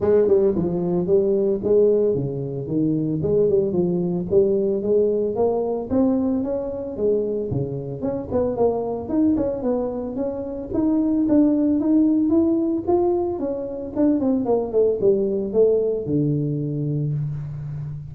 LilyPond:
\new Staff \with { instrumentName = "tuba" } { \time 4/4 \tempo 4 = 112 gis8 g8 f4 g4 gis4 | cis4 dis4 gis8 g8 f4 | g4 gis4 ais4 c'4 | cis'4 gis4 cis4 cis'8 b8 |
ais4 dis'8 cis'8 b4 cis'4 | dis'4 d'4 dis'4 e'4 | f'4 cis'4 d'8 c'8 ais8 a8 | g4 a4 d2 | }